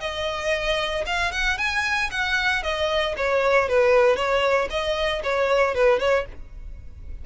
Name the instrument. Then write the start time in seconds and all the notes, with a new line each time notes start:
violin
0.00 D#5
1.06 F5
1.32 F#5
1.58 G#5
2.11 F#5
2.63 D#5
3.17 C#5
3.69 B4
4.16 C#5
4.70 D#5
5.23 C#5
5.74 B4
5.99 C#5